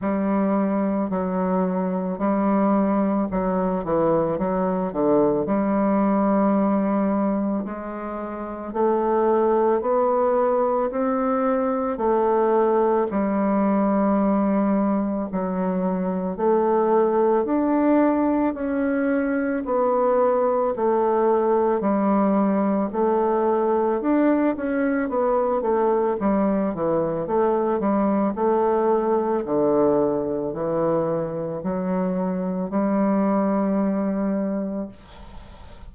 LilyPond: \new Staff \with { instrumentName = "bassoon" } { \time 4/4 \tempo 4 = 55 g4 fis4 g4 fis8 e8 | fis8 d8 g2 gis4 | a4 b4 c'4 a4 | g2 fis4 a4 |
d'4 cis'4 b4 a4 | g4 a4 d'8 cis'8 b8 a8 | g8 e8 a8 g8 a4 d4 | e4 fis4 g2 | }